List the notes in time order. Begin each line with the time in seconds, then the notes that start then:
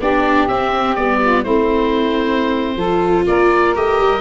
0.00 B3 D4 G4 D5
0.48 C4 E5
0.96 G3 B3 D5
1.21 F4
1.43 A3 C4 E4 C5
2.76 F3 F4 A4
3.27 A#3 A#4 D5
3.76 A3 G4 D#5
4.00 G3